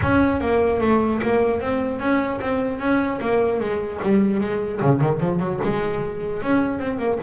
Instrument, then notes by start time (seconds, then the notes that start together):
double bass
0.01 C#4
0.41 A#3
0.80 A3
1.22 A#3
1.60 C4
1.99 C#4
2.40 C4
2.79 C#4
3.21 A#3
3.60 G#3
4.03 G3
4.40 G#3
4.81 C#3
5.01 D#3
5.20 F3
5.39 F#3
5.63 G#3
6.42 C#4
6.79 C4
6.98 A#3